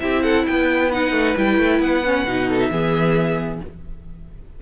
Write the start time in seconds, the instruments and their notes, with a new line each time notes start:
0.00 cello C4, viola E4, violin G4 E5
0.23 violin A4 F#5
0.47 cello B3, violin B4 G5
0.91 viola D#4, violin F#5
1.12 cello A3
1.36 cello G3, viola E4, violin G5
1.58 cello A3
1.79 cello B3, violin F#5
2.04 viola C#4
2.24 cello B2, viola D#4
2.47 violin A4
2.59 violin E5
2.70 cello E3, viola B3, violin G#4